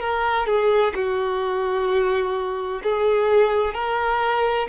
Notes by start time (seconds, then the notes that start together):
0.00 A#4
0.46 G#4
0.95 F#4
2.83 G#4
3.74 A#4